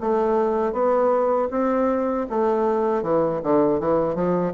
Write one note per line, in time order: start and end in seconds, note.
0.00 0.72 A3
0.72 1.48 B3
1.50 2.26 C4
2.29 3.02 A3
3.02 3.40 E3
3.42 3.79 D3
3.79 4.14 E3
4.14 4.52 F3